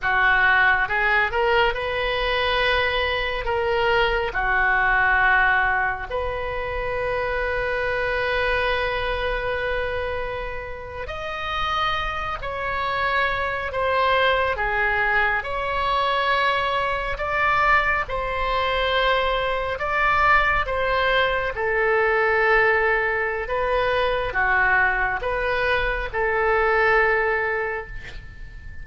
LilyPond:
\new Staff \with { instrumentName = "oboe" } { \time 4/4 \tempo 4 = 69 fis'4 gis'8 ais'8 b'2 | ais'4 fis'2 b'4~ | b'1~ | b'8. dis''4. cis''4. c''16~ |
c''8. gis'4 cis''2 d''16~ | d''8. c''2 d''4 c''16~ | c''8. a'2~ a'16 b'4 | fis'4 b'4 a'2 | }